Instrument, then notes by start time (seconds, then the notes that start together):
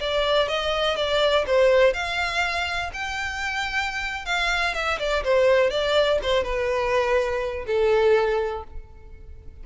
violin
0.00 D5
0.48 D#5
0.96 D5
1.47 C5
1.93 F5
2.94 G5
4.25 F5
4.74 E5
4.99 D5
5.24 C5
5.70 D5
6.23 C5
6.43 B4
7.66 A4